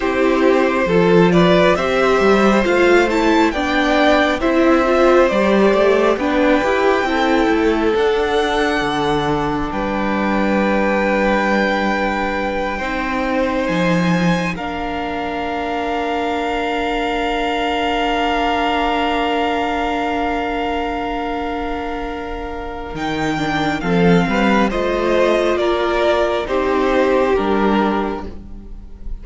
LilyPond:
<<
  \new Staff \with { instrumentName = "violin" } { \time 4/4 \tempo 4 = 68 c''4. d''8 e''4 f''8 a''8 | g''4 e''4 d''4 g''4~ | g''4 fis''2 g''4~ | g''2.~ g''8 gis''8~ |
gis''8 f''2.~ f''8~ | f''1~ | f''2 g''4 f''4 | dis''4 d''4 c''4 ais'4 | }
  \new Staff \with { instrumentName = "violin" } { \time 4/4 g'4 a'8 b'8 c''2 | d''4 c''2 b'4 | a'2. b'4~ | b'2~ b'8 c''4.~ |
c''8 ais'2.~ ais'8~ | ais'1~ | ais'2. a'8 b'8 | c''4 ais'4 g'2 | }
  \new Staff \with { instrumentName = "viola" } { \time 4/4 e'4 f'4 g'4 f'8 e'8 | d'4 e'8 f'8 g'4 d'8 g'8 | e'4 d'2.~ | d'2~ d'8 dis'4.~ |
dis'8 d'2.~ d'8~ | d'1~ | d'2 dis'8 d'8 c'4 | f'2 dis'4 d'4 | }
  \new Staff \with { instrumentName = "cello" } { \time 4/4 c'4 f4 c'8 g8 a4 | b4 c'4 g8 a8 b8 e'8 | c'8 a8 d'4 d4 g4~ | g2~ g8 c'4 f8~ |
f8 ais2.~ ais8~ | ais1~ | ais2 dis4 f8 g8 | a4 ais4 c'4 g4 | }
>>